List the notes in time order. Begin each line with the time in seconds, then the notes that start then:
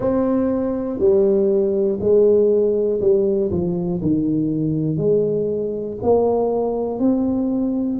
0.00 C4
0.99 G3
2.00 G#3
3.00 G3
3.50 F3
4.02 D#3
4.97 G#3
6.02 A#3
6.99 C4